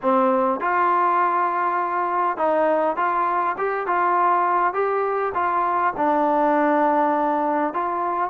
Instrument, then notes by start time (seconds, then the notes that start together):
trombone
0.02 C4
0.60 F4
2.37 D#4
2.96 F4
3.57 G4
3.86 F4
4.73 G4
5.34 F4
5.96 D4
7.73 F4